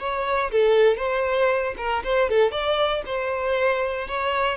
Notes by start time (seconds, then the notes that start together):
0.00 C#5
0.52 A4
0.97 C5
1.77 A#4
2.04 C5
2.30 A4
2.52 D5
3.06 C5
4.08 C#5